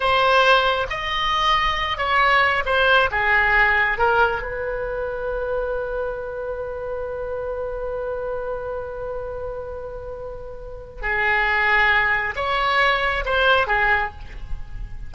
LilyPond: \new Staff \with { instrumentName = "oboe" } { \time 4/4 \tempo 4 = 136 c''2 dis''2~ | dis''8 cis''4. c''4 gis'4~ | gis'4 ais'4 b'2~ | b'1~ |
b'1~ | b'1~ | b'4 gis'2. | cis''2 c''4 gis'4 | }